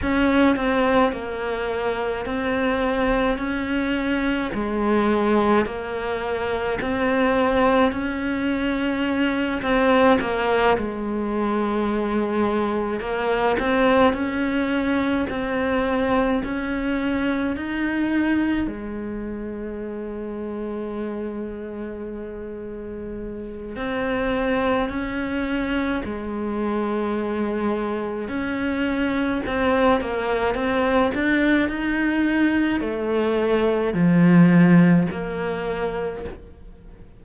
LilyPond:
\new Staff \with { instrumentName = "cello" } { \time 4/4 \tempo 4 = 53 cis'8 c'8 ais4 c'4 cis'4 | gis4 ais4 c'4 cis'4~ | cis'8 c'8 ais8 gis2 ais8 | c'8 cis'4 c'4 cis'4 dis'8~ |
dis'8 gis2.~ gis8~ | gis4 c'4 cis'4 gis4~ | gis4 cis'4 c'8 ais8 c'8 d'8 | dis'4 a4 f4 ais4 | }